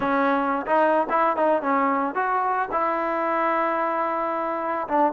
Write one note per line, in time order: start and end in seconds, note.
0.00 0.66 C#4
0.66 1.07 D#4
1.09 1.36 E4
1.36 1.61 D#4
1.61 2.14 C#4
2.14 2.69 F#4
2.71 4.87 E4
4.87 5.12 D4